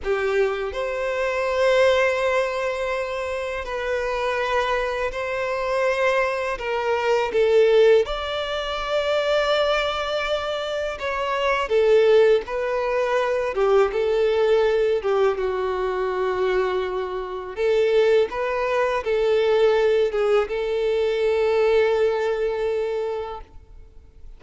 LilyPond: \new Staff \with { instrumentName = "violin" } { \time 4/4 \tempo 4 = 82 g'4 c''2.~ | c''4 b'2 c''4~ | c''4 ais'4 a'4 d''4~ | d''2. cis''4 |
a'4 b'4. g'8 a'4~ | a'8 g'8 fis'2. | a'4 b'4 a'4. gis'8 | a'1 | }